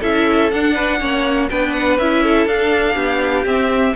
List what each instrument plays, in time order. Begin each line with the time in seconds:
0.00 cello C#4, viola E4, violin A4 E5
0.51 cello D4, viola D4, violin F#5
0.74 violin B4
1.00 cello A#3, viola C#4, violin C#5
1.50 cello B3, viola D4, violin B4 G5
1.73 violin F#5
1.99 cello C#4, viola E4, violin E5
2.23 violin A4
2.47 cello D4, viola D4, violin F5
2.95 cello B3, violin G4
3.45 cello C4, viola C4, violin E5